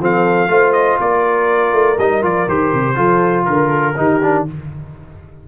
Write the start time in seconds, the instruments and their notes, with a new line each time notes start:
0.00 tuba F3, trombone C4, horn A4, trumpet F5
0.48 tuba A3, trombone F4, horn C5
0.73 trumpet D#5
1.00 tuba A#3, horn A#4, trumpet D5
1.73 tuba A3
1.99 tuba G3, trombone D#4, trumpet D#5
2.23 tuba F3, trombone F4, trumpet D5
2.49 tuba D#3, trombone G4, trumpet C5
2.74 tuba C3
2.96 tuba F3, trombone F4, horn A4
3.45 tuba D3, trumpet A#4, horn A#4
3.70 horn A4
3.97 tuba D#3, trombone D#4, horn G4
4.23 trombone D4